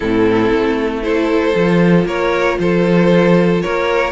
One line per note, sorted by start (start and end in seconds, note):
0.00 0.50 A2
0.00 1.02 C4
0.00 1.03 E4
0.00 1.02 A4
0.50 1.54 A3
1.02 1.54 E4
1.02 2.06 A4
1.02 2.06 C5
1.55 2.05 F3
1.55 4.12 F4
2.05 2.57 A#3
2.05 2.58 A#4
2.05 2.59 C#5
2.59 3.62 F3
2.59 3.63 A4
2.59 3.61 C5
3.61 4.12 A#3
3.61 4.12 A#4
3.61 4.12 C#5